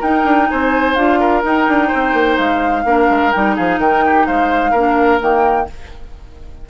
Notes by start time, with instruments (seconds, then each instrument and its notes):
0.00 bassoon D#4, clarinet D#4, oboe A#4, flute G5
0.24 bassoon D4
0.49 bassoon C4, oboe C5, flute G#5
0.94 bassoon D4, clarinet F4, flute F5
1.19 oboe A#4
1.42 clarinet D#4, bassoon D#4, flute G5
1.68 bassoon D4
1.87 oboe C5
1.94 bassoon C4
2.13 bassoon A#3
2.37 bassoon G#3, flute F5
2.84 bassoon A#3, clarinet D4, oboe A#4
3.10 bassoon G#3
3.32 bassoon G3, clarinet D#4, flute G5
3.56 bassoon F3, oboe G#4, flute F5
3.78 bassoon D#3, oboe A#4, flute G5
4.06 oboe G4
4.26 bassoon G#3, oboe C5, flute F5
4.71 bassoon A#3, clarinet D4, oboe A#4
5.20 bassoon D#3, clarinet A#3, flute G5